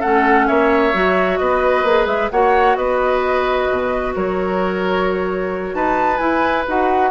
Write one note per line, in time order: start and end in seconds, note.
0.00 0.49 A3
0.00 0.93 C#4
0.00 0.46 A4
0.00 0.47 F#5
0.47 0.94 A#3
0.47 1.39 C#5
0.47 1.38 E5
0.93 1.40 F#3
0.93 1.85 F#4
1.38 1.84 B3
1.38 2.32 B4
1.38 2.06 D#5
1.84 2.06 A#3
1.84 2.32 G#4
2.06 2.29 G#3
2.06 2.29 E5
2.31 2.77 A#3
2.31 6.19 F#4
2.31 2.78 C#5
2.31 2.77 F#5
2.77 3.68 B3
2.77 4.15 B4
2.77 4.14 D#5
3.70 4.16 B2
4.15 5.74 F#3
4.15 5.75 A#4
4.15 5.75 C#5
5.74 6.20 D#4
5.74 7.11 B4
5.74 6.17 A5
6.17 6.65 E4
6.17 6.66 E4
6.17 6.63 G#5
6.67 7.11 D#4
6.67 7.11 F#4
6.67 7.11 F#5